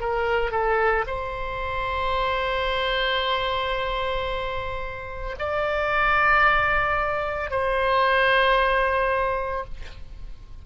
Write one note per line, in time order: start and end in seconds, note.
0.00 0.51 A#4
0.51 1.05 A4
1.07 5.35 C5
5.39 7.50 D5
7.50 9.64 C5